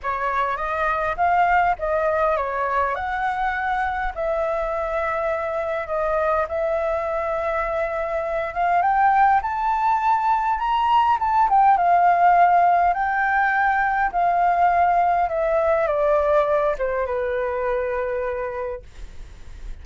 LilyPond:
\new Staff \with { instrumentName = "flute" } { \time 4/4 \tempo 4 = 102 cis''4 dis''4 f''4 dis''4 | cis''4 fis''2 e''4~ | e''2 dis''4 e''4~ | e''2~ e''8 f''8 g''4 |
a''2 ais''4 a''8 g''8 | f''2 g''2 | f''2 e''4 d''4~ | d''8 c''8 b'2. | }